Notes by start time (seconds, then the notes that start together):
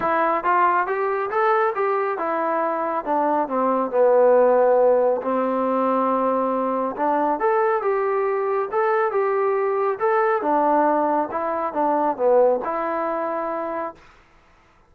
0.00 E4
0.44 F4
0.86 G4
1.30 A4
1.75 G4
2.18 E4
3.04 D4
3.48 C4
3.90 B3
5.22 C4
6.96 D4
7.39 A4
7.81 G4
8.71 A4
9.11 G4
9.99 A4
10.42 D4
11.31 E4
11.73 D4
12.16 B3
12.64 E4